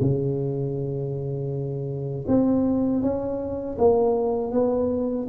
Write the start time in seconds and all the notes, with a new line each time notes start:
0.00 C#3
2.27 C4
3.02 C#4
3.78 A#3
4.51 B3